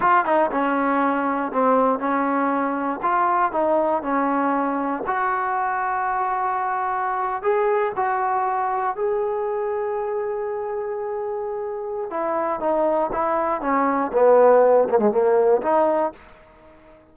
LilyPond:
\new Staff \with { instrumentName = "trombone" } { \time 4/4 \tempo 4 = 119 f'8 dis'8 cis'2 c'4 | cis'2 f'4 dis'4 | cis'2 fis'2~ | fis'2~ fis'8. gis'4 fis'16~ |
fis'4.~ fis'16 gis'2~ gis'16~ | gis'1 | e'4 dis'4 e'4 cis'4 | b4. ais16 gis16 ais4 dis'4 | }